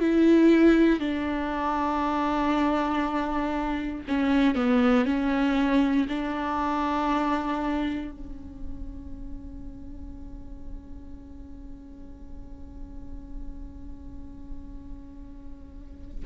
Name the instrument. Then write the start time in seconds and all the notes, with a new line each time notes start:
viola
0.00 E4
0.99 D4
4.08 C#4
4.55 B3
5.05 C#4
6.09 D4
8.12 C#4